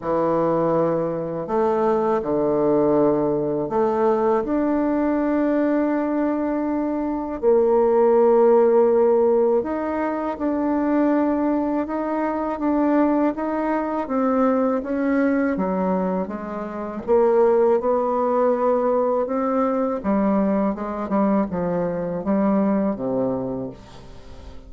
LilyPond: \new Staff \with { instrumentName = "bassoon" } { \time 4/4 \tempo 4 = 81 e2 a4 d4~ | d4 a4 d'2~ | d'2 ais2~ | ais4 dis'4 d'2 |
dis'4 d'4 dis'4 c'4 | cis'4 fis4 gis4 ais4 | b2 c'4 g4 | gis8 g8 f4 g4 c4 | }